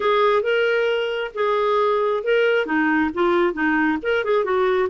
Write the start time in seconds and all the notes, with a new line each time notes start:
0.00 G#4
0.42 A#4
1.34 G#4
2.23 A#4
2.65 D#4
3.14 F4
3.53 D#4
4.02 A#4
4.24 G#4
4.44 F#4